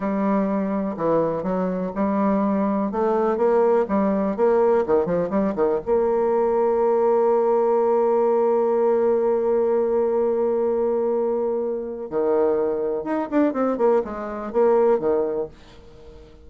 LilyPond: \new Staff \with { instrumentName = "bassoon" } { \time 4/4 \tempo 4 = 124 g2 e4 fis4 | g2 a4 ais4 | g4 ais4 dis8 f8 g8 dis8 | ais1~ |
ais1~ | ais1~ | ais4 dis2 dis'8 d'8 | c'8 ais8 gis4 ais4 dis4 | }